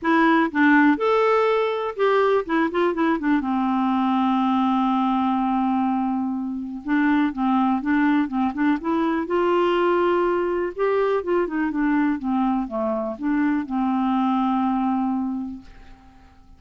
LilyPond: \new Staff \with { instrumentName = "clarinet" } { \time 4/4 \tempo 4 = 123 e'4 d'4 a'2 | g'4 e'8 f'8 e'8 d'8 c'4~ | c'1~ | c'2 d'4 c'4 |
d'4 c'8 d'8 e'4 f'4~ | f'2 g'4 f'8 dis'8 | d'4 c'4 a4 d'4 | c'1 | }